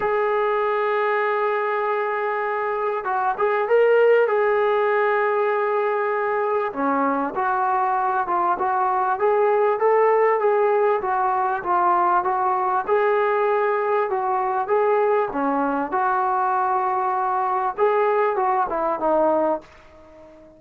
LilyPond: \new Staff \with { instrumentName = "trombone" } { \time 4/4 \tempo 4 = 98 gis'1~ | gis'4 fis'8 gis'8 ais'4 gis'4~ | gis'2. cis'4 | fis'4. f'8 fis'4 gis'4 |
a'4 gis'4 fis'4 f'4 | fis'4 gis'2 fis'4 | gis'4 cis'4 fis'2~ | fis'4 gis'4 fis'8 e'8 dis'4 | }